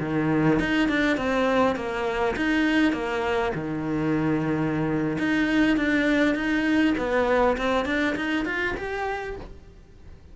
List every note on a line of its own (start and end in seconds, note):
0.00 0.59 D#3
0.59 0.89 D#4
0.89 1.17 D4
1.17 1.76 C4
1.76 2.35 A#3
2.36 2.93 D#4
2.93 3.52 A#3
3.54 5.18 D#3
5.18 5.77 D#4
5.77 6.35 D4
6.35 6.94 D#4
6.97 7.57 B3
7.57 7.86 C4
7.86 8.15 D4
8.16 8.45 D#4
8.45 8.75 F4
8.77 9.36 G4